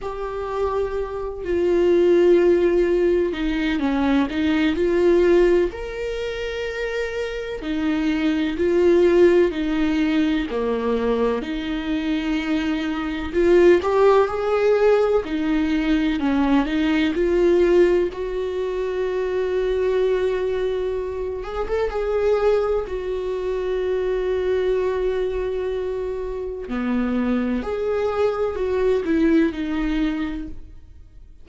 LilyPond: \new Staff \with { instrumentName = "viola" } { \time 4/4 \tempo 4 = 63 g'4. f'2 dis'8 | cis'8 dis'8 f'4 ais'2 | dis'4 f'4 dis'4 ais4 | dis'2 f'8 g'8 gis'4 |
dis'4 cis'8 dis'8 f'4 fis'4~ | fis'2~ fis'8 gis'16 a'16 gis'4 | fis'1 | b4 gis'4 fis'8 e'8 dis'4 | }